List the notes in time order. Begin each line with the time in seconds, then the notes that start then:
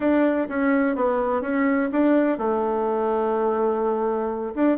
0.00 D4
0.48 C#4
0.95 B3
1.41 C#4
1.92 D4
2.38 A3
4.54 D4